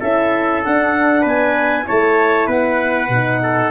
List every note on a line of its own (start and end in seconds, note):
0.00 0.64 C#4
0.00 0.64 E4
0.00 1.21 A4
0.00 0.63 E5
0.64 1.84 D4
0.64 1.25 D4
0.64 1.26 F#5
1.21 1.87 B3
1.21 1.83 B4
1.21 1.87 G#5
1.84 3.07 E4
1.84 2.47 C#5
1.84 2.49 A5
1.90 2.47 A3
2.47 3.09 B3
2.47 3.40 B4
2.47 3.71 F#5
3.09 3.71 B2
3.09 3.71 D#4
3.43 3.71 A4